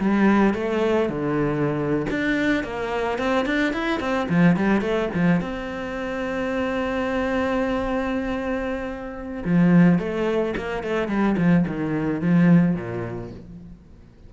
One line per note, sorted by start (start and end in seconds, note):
0.00 0.55 G3
0.55 1.09 A3
1.09 2.07 D3
2.10 2.64 D4
2.64 3.19 A#3
3.19 3.46 C4
3.46 3.73 D4
3.73 4.01 E4
4.01 4.28 C4
4.30 4.57 F3
4.57 4.82 G3
4.82 5.09 A3
5.14 5.41 F3
5.41 9.44 C4
9.45 9.99 F3
9.99 10.55 A3
10.57 10.84 A#3
10.84 11.08 A3
11.08 11.36 G3
11.38 11.66 F3
11.67 12.22 D#3
12.22 12.76 F3
12.76 13.31 A#2